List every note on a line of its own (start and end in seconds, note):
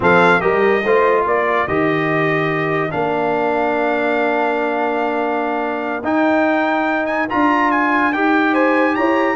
0.00 0.40 F3
0.00 0.40 C4
0.00 0.41 A4
0.00 0.41 F5
0.40 0.84 G3
0.40 0.82 G4
0.40 0.83 A#4
0.40 1.24 D#5
0.84 1.25 A3
0.84 1.67 F4
0.84 1.24 C5
1.24 1.67 A#3
1.24 8.52 A#4
1.24 1.67 D5
1.67 2.92 D#3
1.67 2.90 G4
1.67 2.91 D#5
2.90 6.03 A#3
2.90 6.03 D4
2.90 6.03 F5
6.03 7.28 D#4
6.03 7.05 G5
7.05 7.26 G#5
7.29 8.14 D4
7.29 8.13 F4
7.29 7.71 A#5
7.71 8.12 G#5
8.12 8.97 D#4
8.12 9.36 G4
8.12 8.54 G5
8.52 8.94 C5
8.52 8.95 G#5
8.95 9.36 E4
8.95 9.36 C#5
8.95 9.36 A#5